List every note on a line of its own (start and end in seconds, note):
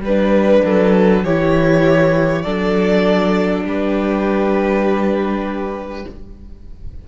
0.00 0.60 G3
0.00 1.24 B4
0.07 1.25 D4
0.07 0.64 B4
0.64 1.24 F#3
0.64 1.24 A4
1.24 2.44 E3
1.24 2.44 E4
1.24 2.43 G4
1.24 2.42 C#5
2.42 3.64 F#3
2.42 6.04 D4
2.42 3.63 A4
2.42 3.62 D5
3.64 6.04 G3
3.64 6.05 G4
3.64 6.08 B4